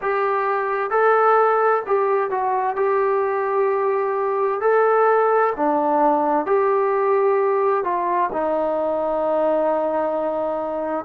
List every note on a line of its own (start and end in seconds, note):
0.01 0.90 G4
0.90 1.83 A4
1.86 2.30 G4
2.30 2.76 F#4
2.76 4.60 G4
4.60 5.53 A4
5.56 6.46 D4
6.46 7.83 G4
7.83 8.30 F4
8.32 11.05 D#4